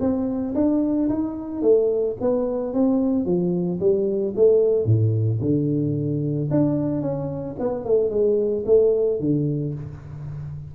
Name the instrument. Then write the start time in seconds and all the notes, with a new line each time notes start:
tuba
0.00 C4
0.55 D4
1.09 D#4
1.62 A3
2.21 B3
2.73 C4
3.26 F3
3.80 G3
4.36 A3
4.86 A2
5.41 D3
6.51 D4
7.02 C#4
7.59 B3
7.85 A3
8.10 G#3
8.66 A3
9.20 D3